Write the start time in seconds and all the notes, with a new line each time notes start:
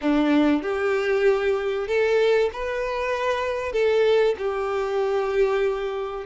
0.01 D4
0.62 G4
1.87 A4
2.52 B4
3.72 A4
4.38 G4